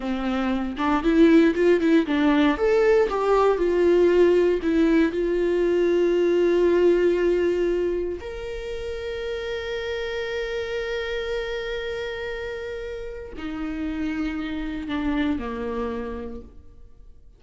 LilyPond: \new Staff \with { instrumentName = "viola" } { \time 4/4 \tempo 4 = 117 c'4. d'8 e'4 f'8 e'8 | d'4 a'4 g'4 f'4~ | f'4 e'4 f'2~ | f'1 |
ais'1~ | ais'1~ | ais'2 dis'2~ | dis'4 d'4 ais2 | }